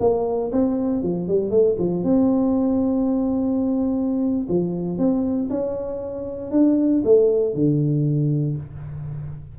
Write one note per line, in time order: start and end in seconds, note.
0.00 0.51 A#3
0.52 1.03 C4
1.03 1.28 F3
1.28 1.50 G3
1.50 1.76 A3
1.79 2.04 F3
2.04 4.47 C4
4.49 4.98 F3
4.98 5.49 C4
5.50 6.52 C#4
6.52 7.03 D4
7.04 7.54 A3
7.54 8.57 D3